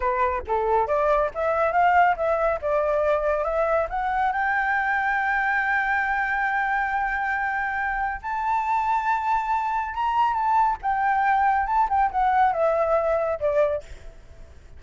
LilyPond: \new Staff \with { instrumentName = "flute" } { \time 4/4 \tempo 4 = 139 b'4 a'4 d''4 e''4 | f''4 e''4 d''2 | e''4 fis''4 g''2~ | g''1~ |
g''2. a''4~ | a''2. ais''4 | a''4 g''2 a''8 g''8 | fis''4 e''2 d''4 | }